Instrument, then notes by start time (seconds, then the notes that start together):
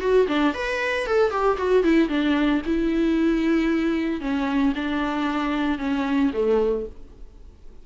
viola
0.00 F#4
0.27 D4
0.54 B4
1.06 A4
1.30 G4
1.57 F#4
1.83 E4
2.08 D4
2.66 E4
4.20 C#4
4.75 D4
5.78 C#4
6.33 A3